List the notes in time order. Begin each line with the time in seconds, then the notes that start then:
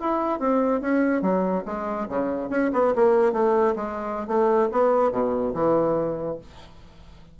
0.00 E4
0.39 C4
0.80 C#4
1.21 F#3
1.65 G#3
2.09 C#3
2.50 C#4
2.73 B3
2.95 A#3
3.32 A3
3.75 G#3
4.27 A3
4.72 B3
5.12 B2
5.54 E3